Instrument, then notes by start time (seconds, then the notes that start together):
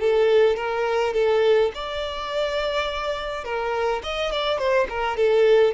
violin
0.00 A4
0.57 A#4
1.14 A4
1.75 D5
3.44 A#4
4.03 D#5
4.32 D5
4.58 C5
4.89 A#4
5.17 A4